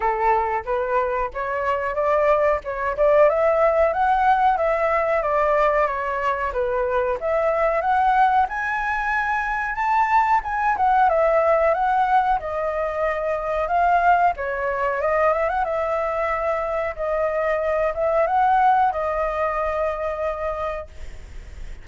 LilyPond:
\new Staff \with { instrumentName = "flute" } { \time 4/4 \tempo 4 = 92 a'4 b'4 cis''4 d''4 | cis''8 d''8 e''4 fis''4 e''4 | d''4 cis''4 b'4 e''4 | fis''4 gis''2 a''4 |
gis''8 fis''8 e''4 fis''4 dis''4~ | dis''4 f''4 cis''4 dis''8 e''16 fis''16 | e''2 dis''4. e''8 | fis''4 dis''2. | }